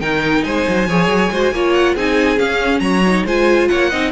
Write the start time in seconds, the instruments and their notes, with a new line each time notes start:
0.00 cello D#3, viola D#4, violin A#4 G5
0.44 cello G#3, violin C5 G#5
0.68 cello F#3
0.88 cello F3, viola G#4, violin C#5
1.08 cello F#3
1.31 cello G#3, viola F#4, violin C5
1.52 cello A#3, viola F4, violin C#5
1.73 violin F#5
1.95 cello C4, viola D#4, violin G#4 G#5
2.36 viola C#4, cello C#4, violin F5
2.80 cello F#3, violin C#5 A#5
3.06 viola D#4
3.25 cello G#3, viola F4, violin C5 G#5
3.68 cello A#3, violin C#5 F#5
3.90 cello C4, viola D#4, violin D#5